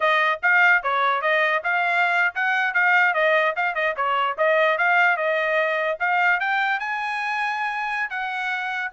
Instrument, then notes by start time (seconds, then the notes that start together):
trumpet
0.00 D#5
0.42 F5
0.82 C#5
1.21 D#5
1.63 F5
2.34 F#5
2.74 F5
3.14 D#5
3.56 F5
3.74 D#5
3.96 C#5
4.37 D#5
4.77 F5
5.16 D#5
5.99 F5
6.40 G5
6.79 G#5
8.10 F#5